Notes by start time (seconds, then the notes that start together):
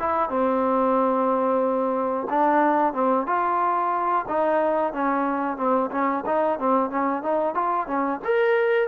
0.00 E4
0.30 C4
2.30 D4
2.94 C4
3.27 F4
4.28 D#4
4.93 C#4
5.57 C4
5.92 C#4
6.26 D#4
6.59 C4
6.91 C#4
7.23 D#4
7.55 F4
7.88 C#4
8.25 A#4